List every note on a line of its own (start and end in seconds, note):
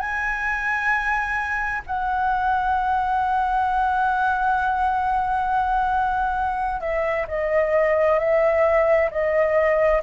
0.00 1.82 G#5
1.86 6.81 F#5
6.81 7.26 E5
7.28 8.19 D#5
8.19 9.10 E5
9.11 10.02 D#5